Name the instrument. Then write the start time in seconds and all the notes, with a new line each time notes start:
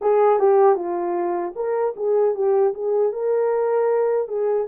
horn
0.01 G#4
0.39 G4
0.75 F4
1.55 A#4
1.96 G#4
2.34 G4
2.73 G#4
3.12 A#4
4.28 G#4